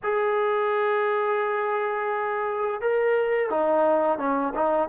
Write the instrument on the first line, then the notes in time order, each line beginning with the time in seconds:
trombone
0.03 G#4
2.81 A#4
3.50 D#4
4.18 C#4
4.54 D#4